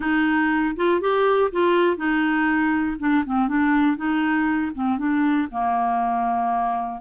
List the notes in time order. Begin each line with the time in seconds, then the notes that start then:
0.00 D#4
0.75 F4
1.00 G4
1.51 F4
1.97 D#4
2.99 D4
3.25 C4
3.47 D4
3.96 D#4
4.75 C4
4.97 D4
5.51 A#3